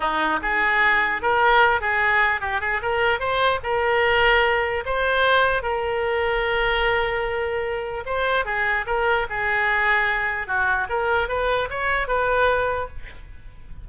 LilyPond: \new Staff \with { instrumentName = "oboe" } { \time 4/4 \tempo 4 = 149 dis'4 gis'2 ais'4~ | ais'8 gis'4. g'8 gis'8 ais'4 | c''4 ais'2. | c''2 ais'2~ |
ais'1 | c''4 gis'4 ais'4 gis'4~ | gis'2 fis'4 ais'4 | b'4 cis''4 b'2 | }